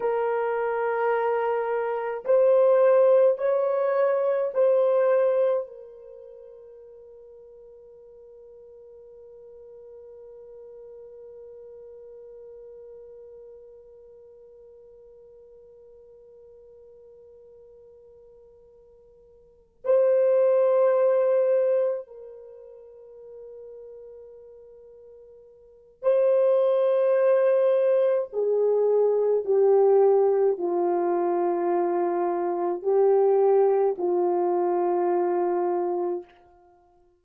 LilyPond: \new Staff \with { instrumentName = "horn" } { \time 4/4 \tempo 4 = 53 ais'2 c''4 cis''4 | c''4 ais'2.~ | ais'1~ | ais'1~ |
ais'4. c''2 ais'8~ | ais'2. c''4~ | c''4 gis'4 g'4 f'4~ | f'4 g'4 f'2 | }